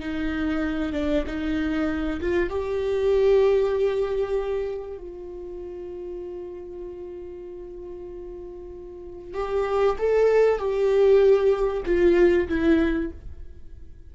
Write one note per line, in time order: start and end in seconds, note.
0.00 0.93 D#4
0.93 1.25 D4
1.27 2.21 D#4
2.21 2.50 F4
2.50 4.98 G4
4.98 9.35 F4
9.35 9.97 G4
9.99 10.59 A4
10.59 11.84 G4
11.86 12.48 F4
12.49 13.11 E4